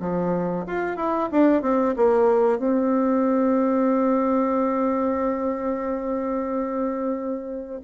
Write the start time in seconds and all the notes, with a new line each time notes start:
0.00 F3
0.66 F4
0.96 E4
1.32 D4
1.62 C4
1.96 A#3
2.58 C4